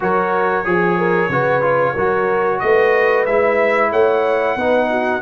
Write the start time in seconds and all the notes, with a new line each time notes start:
0.00 F#3 F#4 A#4 C#5
0.64 F3 G#4
0.97 A#4
1.29 C#3 F#4 B4
1.61 F4
1.93 F#3 F#4 A#4
2.59 A3 B4 D#5
3.25 G#3 E4 E5
3.90 A3 C#5 F#5
4.56 B3 D#4 B4
4.90 F#4